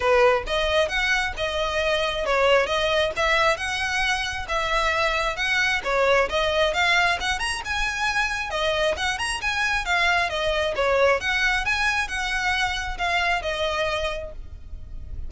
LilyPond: \new Staff \with { instrumentName = "violin" } { \time 4/4 \tempo 4 = 134 b'4 dis''4 fis''4 dis''4~ | dis''4 cis''4 dis''4 e''4 | fis''2 e''2 | fis''4 cis''4 dis''4 f''4 |
fis''8 ais''8 gis''2 dis''4 | fis''8 ais''8 gis''4 f''4 dis''4 | cis''4 fis''4 gis''4 fis''4~ | fis''4 f''4 dis''2 | }